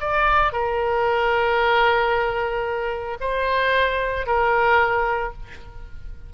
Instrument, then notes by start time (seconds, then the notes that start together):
oboe
0.00 D5
0.52 A#4
3.21 C5
4.27 A#4